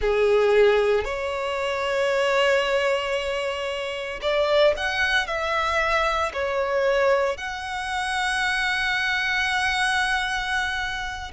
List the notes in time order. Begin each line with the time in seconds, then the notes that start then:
0.01 G#4
1.04 C#5
4.21 D5
4.76 F#5
5.26 E5
6.33 C#5
7.37 F#5